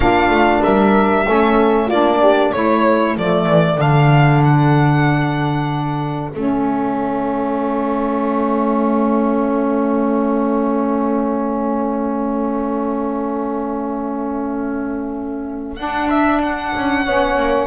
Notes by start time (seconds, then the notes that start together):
0.00 A#3 D4 F4 F5
0.29 A3
0.63 G3 A#4 E5
1.25 A3 C#4 A4
1.87 A#3 D4 F4 D5
2.21 G4
2.52 A3 E4 A4 C#5
3.17 F3 A3 D5
3.46 E3
3.77 D3 D4 F5
4.43 F#5
6.31 A3 C#4 E5
15.76 D4 F#5
16.10 E5
16.42 F#5
16.75 C#4
17.04 B3 C#4 C#5
17.37 A#3